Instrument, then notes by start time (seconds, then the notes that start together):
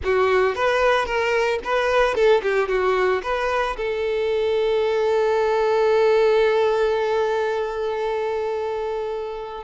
violin
0.03 F#4
0.55 B4
1.05 A#4
1.63 B4
2.14 A4
2.42 G4
2.68 F#4
3.22 B4
3.76 A4